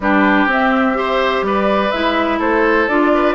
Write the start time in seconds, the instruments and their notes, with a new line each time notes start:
0.00 bassoon G3, clarinet D4, oboe G4, flute B4
0.46 bassoon C4, clarinet C4, flute E5
0.94 clarinet G4, oboe C5
1.42 bassoon G3, oboe B4, flute D5
1.91 bassoon G#3, clarinet E4, flute E5
2.38 bassoon A3, oboe A4, flute C5
2.88 bassoon D4, clarinet F4, flute D5
3.14 oboe B4